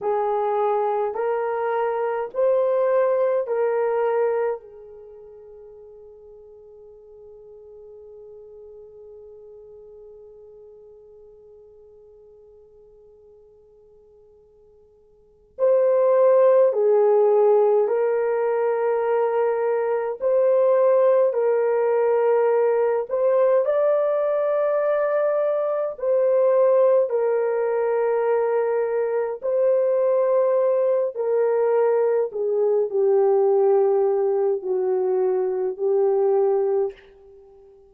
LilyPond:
\new Staff \with { instrumentName = "horn" } { \time 4/4 \tempo 4 = 52 gis'4 ais'4 c''4 ais'4 | gis'1~ | gis'1~ | gis'4. c''4 gis'4 ais'8~ |
ais'4. c''4 ais'4. | c''8 d''2 c''4 ais'8~ | ais'4. c''4. ais'4 | gis'8 g'4. fis'4 g'4 | }